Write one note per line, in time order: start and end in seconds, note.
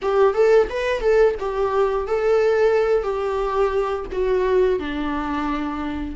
0.02 0.33 G4
0.33 0.68 A4
0.69 1.00 B4
1.00 1.35 A4
1.39 2.07 G4
2.07 3.03 A4
3.03 4.05 G4
4.12 4.79 F#4
4.79 6.15 D4